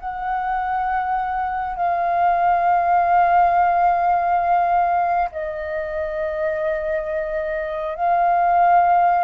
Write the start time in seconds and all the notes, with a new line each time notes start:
0.00 F#5
1.76 F5
5.32 D#5
7.96 F5